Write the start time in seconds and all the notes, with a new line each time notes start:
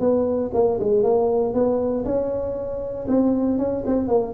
0.00 B3
0.54 A#3
0.80 G#3
1.03 A#3
1.54 B3
2.05 C#4
3.08 C4
3.58 C#4
3.86 C4
4.08 A#3